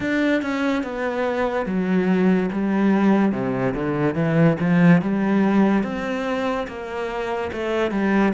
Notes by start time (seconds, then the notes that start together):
0.00 D4
0.42 C#4
0.83 B3
1.66 F#3
2.52 G3
3.31 C3
3.74 D3
4.14 E3
4.60 F3
5.02 G3
5.83 C4
6.67 A#3
7.52 A3
7.91 G3